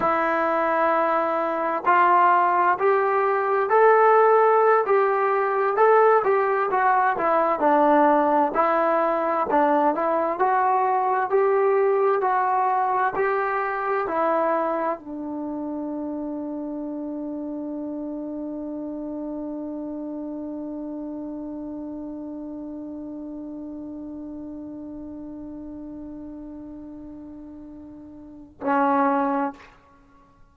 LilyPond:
\new Staff \with { instrumentName = "trombone" } { \time 4/4 \tempo 4 = 65 e'2 f'4 g'4 | a'4~ a'16 g'4 a'8 g'8 fis'8 e'16~ | e'16 d'4 e'4 d'8 e'8 fis'8.~ | fis'16 g'4 fis'4 g'4 e'8.~ |
e'16 d'2.~ d'8.~ | d'1~ | d'1~ | d'2. cis'4 | }